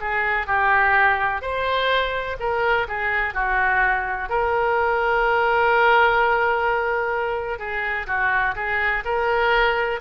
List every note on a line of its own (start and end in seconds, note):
0.00 0.46 G#4
0.46 1.42 G4
1.42 2.37 C5
2.39 2.87 A#4
2.87 3.34 G#4
3.34 4.29 F#4
4.29 7.58 A#4
7.58 8.06 G#4
8.06 8.54 F#4
8.55 9.03 G#4
9.04 10.00 A#4